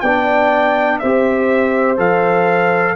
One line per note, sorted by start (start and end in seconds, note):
0.00 1.01 B3
0.00 1.01 D5
0.00 0.98 G5
0.06 1.04 D4
0.99 1.98 C4
0.99 1.97 G4
0.99 2.95 C5
0.99 1.97 E5
1.97 2.95 F3
1.97 2.95 A4
1.97 2.95 F5